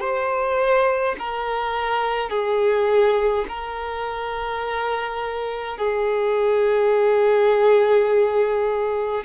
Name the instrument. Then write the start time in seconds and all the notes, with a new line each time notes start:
violin
0.00 C5
1.19 A#4
2.29 G#4
3.48 A#4
5.77 G#4